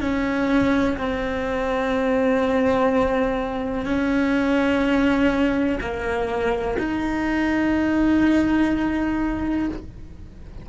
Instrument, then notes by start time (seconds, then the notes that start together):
cello
0.00 C#4
0.97 C4
3.85 C#4
5.80 A#3
6.78 D#4